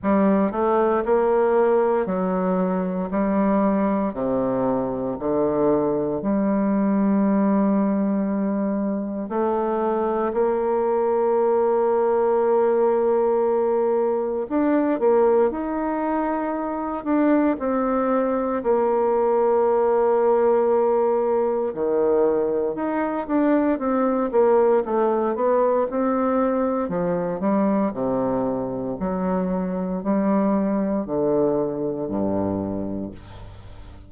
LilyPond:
\new Staff \with { instrumentName = "bassoon" } { \time 4/4 \tempo 4 = 58 g8 a8 ais4 fis4 g4 | c4 d4 g2~ | g4 a4 ais2~ | ais2 d'8 ais8 dis'4~ |
dis'8 d'8 c'4 ais2~ | ais4 dis4 dis'8 d'8 c'8 ais8 | a8 b8 c'4 f8 g8 c4 | fis4 g4 d4 g,4 | }